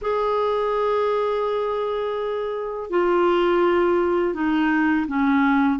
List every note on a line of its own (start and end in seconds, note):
0.01 2.90 G#4
2.90 4.34 F4
4.34 5.06 D#4
5.07 5.79 C#4